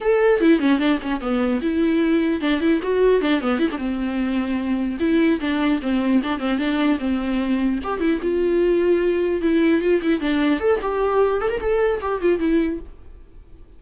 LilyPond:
\new Staff \with { instrumentName = "viola" } { \time 4/4 \tempo 4 = 150 a'4 e'8 cis'8 d'8 cis'8 b4 | e'2 d'8 e'8 fis'4 | d'8 b8 e'16 d'16 c'2~ c'8~ | c'8 e'4 d'4 c'4 d'8 |
c'8 d'4 c'2 g'8 | e'8 f'2. e'8~ | e'8 f'8 e'8 d'4 a'8 g'4~ | g'8 a'16 ais'16 a'4 g'8 f'8 e'4 | }